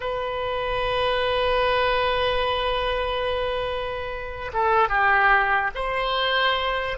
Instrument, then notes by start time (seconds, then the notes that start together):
oboe
0.00 B4
4.53 A4
4.88 G4
5.74 C5